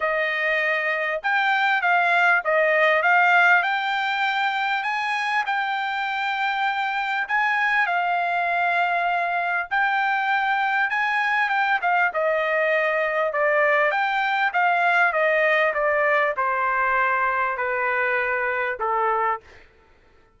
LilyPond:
\new Staff \with { instrumentName = "trumpet" } { \time 4/4 \tempo 4 = 99 dis''2 g''4 f''4 | dis''4 f''4 g''2 | gis''4 g''2. | gis''4 f''2. |
g''2 gis''4 g''8 f''8 | dis''2 d''4 g''4 | f''4 dis''4 d''4 c''4~ | c''4 b'2 a'4 | }